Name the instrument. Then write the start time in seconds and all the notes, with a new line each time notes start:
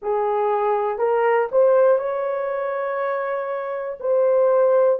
horn
0.01 G#4
0.98 A#4
1.51 C5
1.98 C#5
4.00 C5